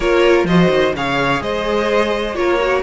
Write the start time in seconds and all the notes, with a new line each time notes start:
0.00 A#3 F4 A#4 C#5
0.44 F3 F#4 C5 D#5
0.69 D#3
0.95 C#3 G#4 C#5 F5
1.41 G#3 C5 D#5
2.35 A#3 F4 A#4 C#5
2.60 F#4